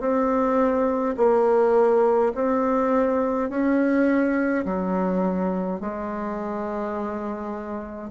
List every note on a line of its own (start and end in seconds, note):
0.00 1.15 C4
1.17 2.33 A#3
2.35 3.50 C4
3.50 4.65 C#4
4.65 5.81 F#3
5.81 8.11 G#3